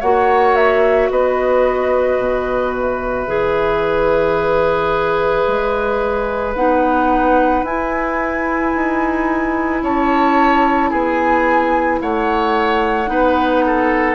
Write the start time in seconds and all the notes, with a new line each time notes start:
0.00 A#3 F#4 C#5 F#5
0.56 E5
1.10 B3 B4 D#5
2.19 B2
2.75 E5
3.27 E3 G#4
5.47 G#3
6.55 B3 D#4 F#5
7.63 E4 G#5
8.76 D#4
9.82 C#4 C#5 A5
10.90 B3 G#4 G#5
12.02 A3 C#5 F#5
13.07 B3 D#4 B4
13.66 A4